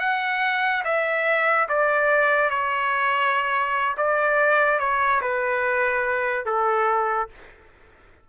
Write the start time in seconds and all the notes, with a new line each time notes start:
0.00 F#5
0.84 E5
1.69 D5
2.50 C#5
3.97 D5
4.79 C#5
5.21 B4
6.46 A4